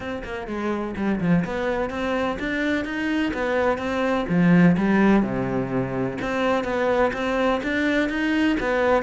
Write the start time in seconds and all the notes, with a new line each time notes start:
0.00 C4
0.24 A#3
0.47 G#3
0.96 G3
1.20 F3
1.44 B3
1.90 C4
2.39 D4
2.84 D#4
3.33 B3
3.78 C4
4.29 F3
4.77 G3
5.22 C3
6.21 C4
6.64 B3
7.13 C4
7.63 D4
8.09 D#4
8.60 B3